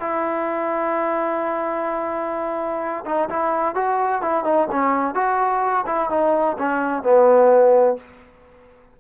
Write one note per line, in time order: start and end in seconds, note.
0.00 3.05 E4
3.05 3.29 D#4
3.29 3.75 E4
3.75 4.21 F#4
4.21 4.44 E4
4.44 4.68 D#4
4.71 5.15 C#4
5.15 5.85 F#4
5.86 6.10 E4
6.10 6.57 D#4
6.58 7.03 C#4
7.03 7.97 B3